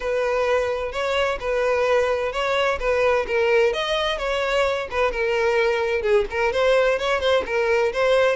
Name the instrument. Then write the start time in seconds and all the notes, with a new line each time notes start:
violin
0.00 B4
0.92 C#5
1.40 B4
2.32 C#5
2.79 B4
3.27 A#4
3.73 D#5
4.18 C#5
4.90 B4
5.11 A#4
6.02 G#4
6.30 A#4
6.52 C5
6.98 C#5
7.20 C5
7.45 A#4
7.92 C5